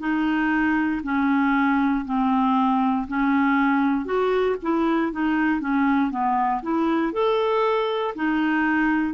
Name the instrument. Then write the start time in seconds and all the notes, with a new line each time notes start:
clarinet
0.00 D#4
1.04 C#4
2.06 C4
3.08 C#4
4.06 F#4
4.63 E4
5.13 D#4
5.61 C#4
6.12 B3
6.63 E4
7.13 A4
8.16 D#4